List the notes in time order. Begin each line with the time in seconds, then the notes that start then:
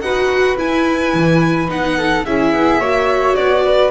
0.00 D#4 F#4 B4 F#5
0.57 E4 G#5
1.14 E3
1.67 B3 D#4 F#5
1.97 A4
2.25 C#4 E4 G#4 E5
2.53 B3
2.80 A#3 F#4 C#5
3.35 B3 D5
3.65 B4